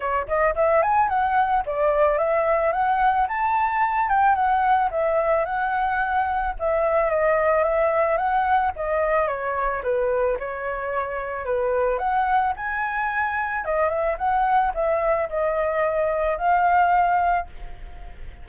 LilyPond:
\new Staff \with { instrumentName = "flute" } { \time 4/4 \tempo 4 = 110 cis''8 dis''8 e''8 gis''8 fis''4 d''4 | e''4 fis''4 a''4. g''8 | fis''4 e''4 fis''2 | e''4 dis''4 e''4 fis''4 |
dis''4 cis''4 b'4 cis''4~ | cis''4 b'4 fis''4 gis''4~ | gis''4 dis''8 e''8 fis''4 e''4 | dis''2 f''2 | }